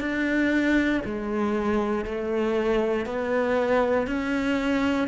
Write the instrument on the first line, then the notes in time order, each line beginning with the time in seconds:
cello
0.00 D4
1.04 G#3
2.05 A3
3.06 B3
4.07 C#4